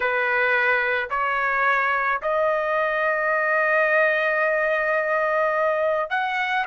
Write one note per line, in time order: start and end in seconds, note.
0.00 1.09 B4
1.10 2.21 C#5
2.22 6.10 D#5
6.10 6.65 F#5